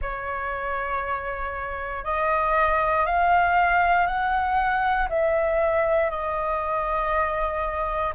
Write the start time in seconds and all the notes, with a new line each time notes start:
0.01 C#5
2.04 D#5
3.06 F5
4.06 F#5
5.09 E5
6.10 D#5